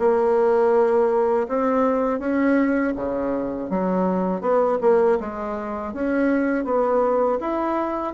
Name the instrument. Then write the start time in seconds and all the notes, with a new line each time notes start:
bassoon
0.00 A#3
1.48 C4
2.20 C#4
2.96 C#3
3.70 F#3
4.41 B3
4.81 A#3
5.21 G#3
5.94 C#4
6.65 B3
7.41 E4